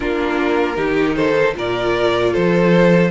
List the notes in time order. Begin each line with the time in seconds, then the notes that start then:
0.00 A#3 D4 F4 A#4
0.76 D#3 D#4 G4
1.15 A4 C5
1.54 A#2 F4 A#4 D5
2.32 F3 A4 C5